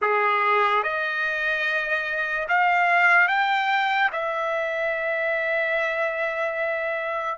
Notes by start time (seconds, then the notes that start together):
0.01 G#4
0.83 D#5
2.48 F5
3.28 G5
4.12 E5